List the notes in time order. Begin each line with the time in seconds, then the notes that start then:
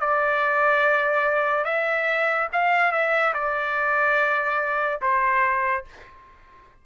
0.00 D5
1.64 E5
2.52 F5
2.91 E5
3.34 D5
5.01 C5